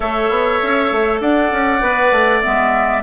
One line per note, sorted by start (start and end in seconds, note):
0.00 0.29 A3
0.00 1.80 A4
0.00 1.21 C#5
0.00 1.19 E5
0.29 0.59 B3
0.62 0.91 C#4
0.91 1.20 A3
1.20 1.51 D4
1.20 3.03 D5
1.20 2.42 F#5
1.51 1.81 C#4
1.81 2.11 B3
1.81 2.41 B4
2.11 2.41 A3
2.42 3.03 G#3
2.42 3.02 B3
2.42 3.02 E5